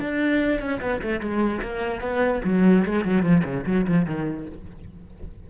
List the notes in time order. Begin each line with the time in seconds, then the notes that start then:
0.00 D4
0.60 C#4
0.81 B3
1.02 A3
1.20 G#3
1.62 A#3
2.01 B3
2.45 F#3
2.85 G#3
3.05 F#3
3.23 F3
3.44 C#3
3.66 F#3
3.88 F3
4.06 D#3